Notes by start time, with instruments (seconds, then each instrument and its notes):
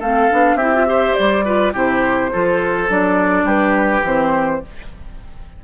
0.00 bassoon A3, clarinet C4, oboe A4, flute F5
0.31 bassoon B3, clarinet D4
0.55 bassoon C4, clarinet E4, oboe G4, flute E5
0.75 clarinet F4
0.86 clarinet G4, oboe C5
1.14 bassoon G3, flute D5
1.45 clarinet F4, oboe B4
1.73 bassoon C3, clarinet E4, oboe G4, flute C5
2.32 bassoon F3, clarinet F4, oboe A4
2.88 bassoon F#3, clarinet D4, flute D5
3.44 bassoon G3, oboe G4, flute B4
4.03 bassoon E3, clarinet C4, flute C5